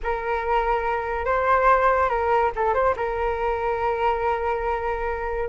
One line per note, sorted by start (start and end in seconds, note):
0.03 1.25 A#4
1.25 2.09 C5
2.09 2.51 A#4
2.55 2.74 A4
2.74 2.95 C5
2.96 5.48 A#4